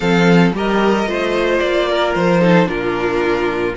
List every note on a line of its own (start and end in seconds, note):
0.00 0.52 F3
0.00 0.53 C4
0.00 0.53 A4
0.00 0.52 F5
0.52 1.06 G3
0.52 1.06 G4
0.52 1.08 A#4
0.52 1.59 D#5
1.06 1.59 A3
1.06 2.40 F4
1.06 1.88 C5
1.59 2.15 A#3
1.59 2.13 D5
1.89 2.41 A#4
2.14 2.67 F3
2.14 2.68 C5
2.40 2.66 D#4
2.40 2.68 A4
2.66 3.74 A#2
2.66 3.73 D4
2.66 3.76 F4
2.66 3.75 A#4